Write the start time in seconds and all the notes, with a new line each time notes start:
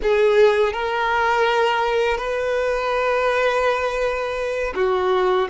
0.02 G#4
0.73 A#4
2.17 B4
4.75 F#4